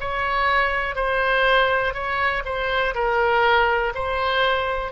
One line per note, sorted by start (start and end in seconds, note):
0.00 0.95 C#5
0.95 1.94 C5
1.94 2.43 C#5
2.45 2.94 C5
2.94 3.93 A#4
3.94 4.91 C5